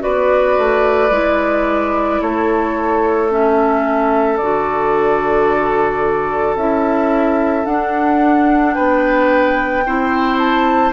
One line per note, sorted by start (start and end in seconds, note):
0.00 0.58 B3
0.00 1.09 F#4
0.00 2.21 B4
0.00 2.21 D5
0.58 1.11 A3
1.11 2.20 G#3
1.11 3.30 E4
2.21 4.40 A3
2.21 8.75 A4
2.21 3.30 C#5
3.30 4.39 C#4
3.30 4.38 E5
4.38 6.55 D3
4.38 6.59 F#4
4.38 6.56 D5
6.55 7.65 C#4
6.55 7.65 E4
6.55 7.66 E5
7.65 9.84 D4
7.65 8.76 D4
7.65 8.74 F#5
8.74 9.86 B3
8.74 9.84 B4
8.74 10.38 G5
9.86 10.94 C4
9.86 10.94 E4
9.86 10.94 C5
10.39 10.93 A5